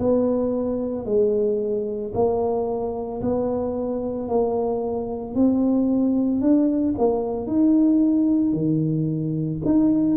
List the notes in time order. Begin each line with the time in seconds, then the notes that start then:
0.00 B3
1.06 G#3
2.14 A#3
3.22 B3
4.29 A#3
5.35 C4
6.41 D4
6.98 A#3
7.47 D#4
8.53 D#3
9.66 D#4